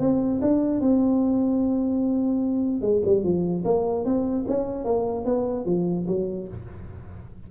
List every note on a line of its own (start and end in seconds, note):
0.00 0.41 C4
0.41 0.81 D4
0.81 2.82 C4
2.82 3.02 G#3
3.06 3.24 G3
3.24 3.64 F3
3.65 4.05 A#3
4.05 4.46 C4
4.48 4.85 C#4
4.85 5.25 A#3
5.25 5.66 B3
5.66 6.06 F3
6.07 6.48 F#3